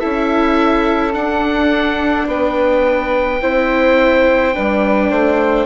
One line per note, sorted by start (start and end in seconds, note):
0.00 1.17 C#4
0.00 1.13 E4
0.00 2.27 A4
0.00 1.13 E5
1.13 3.40 D4
1.13 2.28 D4
1.13 2.28 F#5
2.28 3.41 B3
2.28 3.43 B4
2.28 5.67 G5
3.42 4.55 C4
3.42 4.54 E4
3.42 4.55 C5
4.54 5.11 G3
4.54 5.67 D4
4.54 5.11 B4
5.11 5.67 A3
5.11 5.67 C5